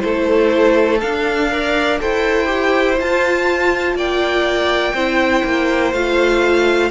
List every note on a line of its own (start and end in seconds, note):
0.00 1.02 A3
0.00 0.99 E4
0.00 1.51 A4
0.00 0.98 C5
1.01 1.50 D4
1.01 2.00 D4
1.01 1.99 F5
1.50 1.99 A#4
1.50 2.00 D5
1.99 3.00 E4
1.99 2.45 A4
1.99 3.96 C5
1.99 2.99 G5
2.45 2.95 G4
2.99 4.95 F4
2.99 3.95 F4
2.99 3.98 A5
3.95 4.93 A#3
3.95 4.93 D5
3.95 5.93 G5
4.93 5.43 C4
4.93 5.94 E4
4.93 6.90 C5
5.44 5.93 A#3
5.93 6.91 A3
5.93 6.91 F4
5.93 6.91 F5